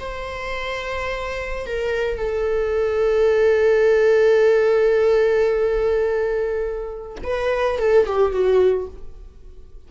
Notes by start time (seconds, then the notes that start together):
0.00 C5
1.67 A#4
2.18 A4
7.24 B4
7.79 A4
8.07 G4
8.33 F#4